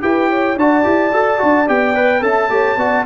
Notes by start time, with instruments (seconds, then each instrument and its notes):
0.00 tuba E4, trombone G4, horn B4, trumpet G5
0.29 horn C#5
0.56 tuba D4, trombone F#4, horn D5, trumpet A5
0.83 tuba E4, trombone G4
1.12 tuba F#4, trombone A4
1.38 tuba D4, trombone F#4
1.66 tuba B3, trombone G4, trumpet G5
1.95 trombone B4
2.21 tuba C#4, trombone A4, horn E5, trumpet A5
2.49 tuba A3, trombone G4, horn C#5
2.76 tuba B3, trombone F#4, horn D5